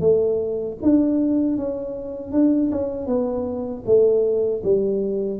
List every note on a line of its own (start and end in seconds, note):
0.00 0.77 A3
0.82 1.56 D4
1.56 2.31 C#4
2.31 2.70 D4
2.71 3.06 C#4
3.06 3.83 B3
3.85 4.62 A3
4.63 5.39 G3